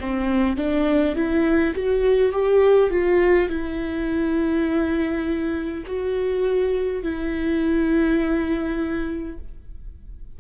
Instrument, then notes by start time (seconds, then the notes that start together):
viola
0.00 C4
0.56 D4
1.15 E4
1.75 F#4
2.32 G4
2.90 F4
3.49 E4
5.86 F#4
7.03 E4